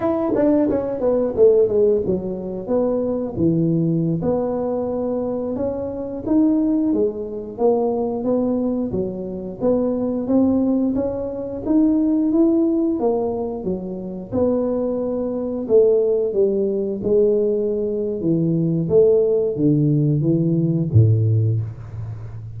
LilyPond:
\new Staff \with { instrumentName = "tuba" } { \time 4/4 \tempo 4 = 89 e'8 d'8 cis'8 b8 a8 gis8 fis4 | b4 e4~ e16 b4.~ b16~ | b16 cis'4 dis'4 gis4 ais8.~ | ais16 b4 fis4 b4 c'8.~ |
c'16 cis'4 dis'4 e'4 ais8.~ | ais16 fis4 b2 a8.~ | a16 g4 gis4.~ gis16 e4 | a4 d4 e4 a,4 | }